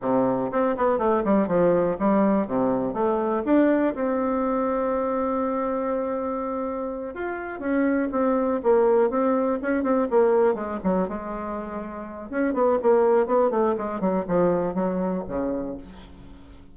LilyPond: \new Staff \with { instrumentName = "bassoon" } { \time 4/4 \tempo 4 = 122 c4 c'8 b8 a8 g8 f4 | g4 c4 a4 d'4 | c'1~ | c'2~ c'8 f'4 cis'8~ |
cis'8 c'4 ais4 c'4 cis'8 | c'8 ais4 gis8 fis8 gis4.~ | gis4 cis'8 b8 ais4 b8 a8 | gis8 fis8 f4 fis4 cis4 | }